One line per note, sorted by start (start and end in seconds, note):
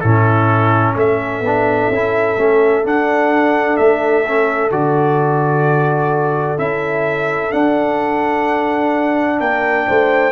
0.00 0.96 A2
0.00 1.44 C#4
0.00 0.95 E4
0.00 0.94 A4
0.96 1.40 A3
0.96 9.39 A4
0.96 2.86 E5
1.40 1.87 B3
1.40 1.93 D4
1.89 2.36 C#4
1.89 2.38 E4
2.37 2.84 A3
2.37 2.83 C#4
2.83 4.24 D4
2.83 3.78 D4
2.83 3.77 F#5
3.77 4.71 A3
3.77 4.70 E5
4.28 4.71 C#4
4.71 6.58 D3
4.71 6.57 F#4
4.71 6.58 D5
6.57 7.52 C#4
6.57 7.51 E4
6.57 7.52 E5
7.51 10.32 D4
7.51 9.40 D4
7.51 9.39 F#5
9.39 9.87 A#3
9.39 9.86 A#4
9.39 10.32 G5
9.88 10.32 A3
9.88 10.32 C5